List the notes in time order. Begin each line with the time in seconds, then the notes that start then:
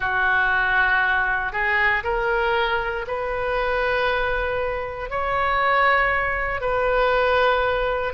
0.00 F#4
1.52 G#4
2.03 A#4
3.07 B4
5.09 C#5
6.61 B4